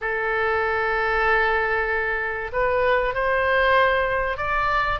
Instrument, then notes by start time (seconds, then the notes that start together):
oboe
0.01 A4
2.52 B4
3.14 C5
4.37 D5